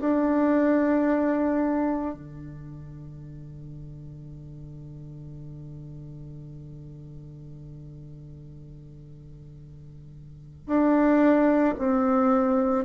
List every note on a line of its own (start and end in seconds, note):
0.00 2.14 D4
2.14 10.67 D3
10.67 11.74 D4
11.78 12.85 C4